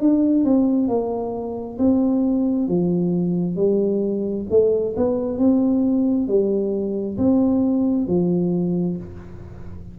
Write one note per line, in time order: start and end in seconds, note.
0.00 0.45 D4
0.45 0.88 C4
0.88 1.77 A#3
1.79 2.68 C4
2.68 3.57 F3
3.57 4.46 G3
4.50 4.95 A3
4.97 5.38 B3
5.38 6.28 C4
6.28 7.18 G3
7.18 8.07 C4
8.07 8.97 F3